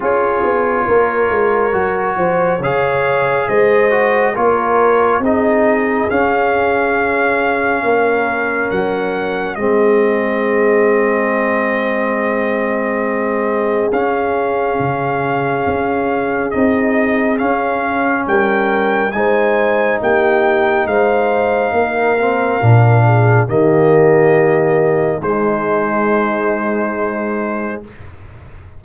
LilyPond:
<<
  \new Staff \with { instrumentName = "trumpet" } { \time 4/4 \tempo 4 = 69 cis''2. f''4 | dis''4 cis''4 dis''4 f''4~ | f''2 fis''4 dis''4~ | dis''1 |
f''2. dis''4 | f''4 g''4 gis''4 g''4 | f''2. dis''4~ | dis''4 c''2. | }
  \new Staff \with { instrumentName = "horn" } { \time 4/4 gis'4 ais'4. c''8 cis''4 | c''4 ais'4 gis'2~ | gis'4 ais'2 gis'4~ | gis'1~ |
gis'1~ | gis'4 ais'4 c''4 g'4 | c''4 ais'4. gis'8 g'4~ | g'4 dis'2. | }
  \new Staff \with { instrumentName = "trombone" } { \time 4/4 f'2 fis'4 gis'4~ | gis'8 fis'8 f'4 dis'4 cis'4~ | cis'2. c'4~ | c'1 |
cis'2. dis'4 | cis'2 dis'2~ | dis'4. c'8 d'4 ais4~ | ais4 gis2. | }
  \new Staff \with { instrumentName = "tuba" } { \time 4/4 cis'8 b8 ais8 gis8 fis8 f8 cis4 | gis4 ais4 c'4 cis'4~ | cis'4 ais4 fis4 gis4~ | gis1 |
cis'4 cis4 cis'4 c'4 | cis'4 g4 gis4 ais4 | gis4 ais4 ais,4 dis4~ | dis4 gis2. | }
>>